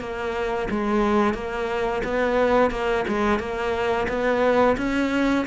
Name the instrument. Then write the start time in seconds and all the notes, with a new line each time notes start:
cello
0.00 A#3
0.71 G#3
1.35 A#3
2.04 B3
2.71 A#3
3.09 G#3
3.39 A#3
4.09 B3
4.78 C#4